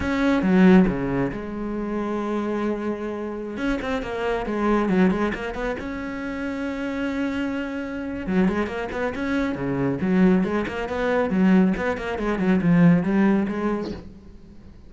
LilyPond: \new Staff \with { instrumentName = "cello" } { \time 4/4 \tempo 4 = 138 cis'4 fis4 cis4 gis4~ | gis1~ | gis16 cis'8 c'8 ais4 gis4 fis8 gis16~ | gis16 ais8 b8 cis'2~ cis'8.~ |
cis'2. fis8 gis8 | ais8 b8 cis'4 cis4 fis4 | gis8 ais8 b4 fis4 b8 ais8 | gis8 fis8 f4 g4 gis4 | }